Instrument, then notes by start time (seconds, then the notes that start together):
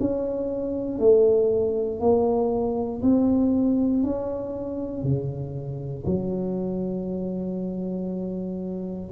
tuba
0.00 C#4
0.99 A3
2.01 A#3
3.02 C4
4.04 C#4
5.03 C#3
6.06 F#3